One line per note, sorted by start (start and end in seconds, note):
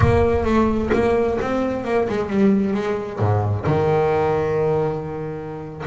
0.00 0.44 A#3
0.44 0.90 A3
0.93 1.39 A#3
1.41 1.84 C4
1.84 2.07 A#3
2.08 2.29 G#3
2.29 2.74 G3
2.74 3.19 G#3
3.19 3.65 G#2
3.66 5.84 D#3